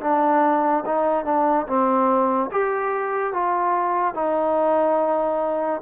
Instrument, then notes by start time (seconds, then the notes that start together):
trombone
0.00 D4
0.85 D#4
1.24 D4
1.66 C4
2.51 G4
3.33 F4
4.14 D#4